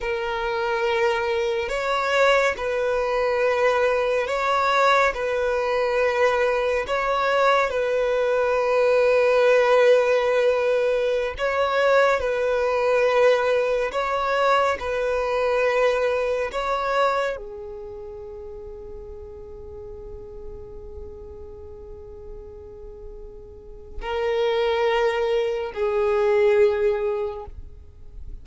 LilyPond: \new Staff \with { instrumentName = "violin" } { \time 4/4 \tempo 4 = 70 ais'2 cis''4 b'4~ | b'4 cis''4 b'2 | cis''4 b'2.~ | b'4~ b'16 cis''4 b'4.~ b'16~ |
b'16 cis''4 b'2 cis''8.~ | cis''16 gis'2.~ gis'8.~ | gis'1 | ais'2 gis'2 | }